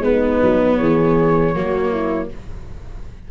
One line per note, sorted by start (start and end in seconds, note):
0.00 0.38 G#3
0.00 1.55 B3
0.00 0.78 D#4
0.00 0.77 B4
0.43 0.80 F#3
0.77 1.55 E3
0.77 1.54 G#4
0.77 2.29 C#5
1.54 2.31 F#3
1.54 2.31 A#3
1.54 1.91 F#4
1.91 2.29 E4